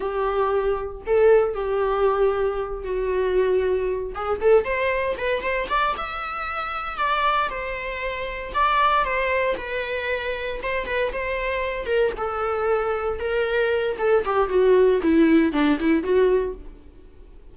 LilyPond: \new Staff \with { instrumentName = "viola" } { \time 4/4 \tempo 4 = 116 g'2 a'4 g'4~ | g'4. fis'2~ fis'8 | gis'8 a'8 c''4 b'8 c''8 d''8 e''8~ | e''4. d''4 c''4.~ |
c''8 d''4 c''4 b'4.~ | b'8 c''8 b'8 c''4. ais'8 a'8~ | a'4. ais'4. a'8 g'8 | fis'4 e'4 d'8 e'8 fis'4 | }